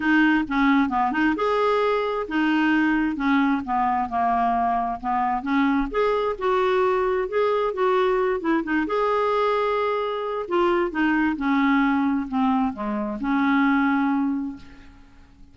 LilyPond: \new Staff \with { instrumentName = "clarinet" } { \time 4/4 \tempo 4 = 132 dis'4 cis'4 b8 dis'8 gis'4~ | gis'4 dis'2 cis'4 | b4 ais2 b4 | cis'4 gis'4 fis'2 |
gis'4 fis'4. e'8 dis'8 gis'8~ | gis'2. f'4 | dis'4 cis'2 c'4 | gis4 cis'2. | }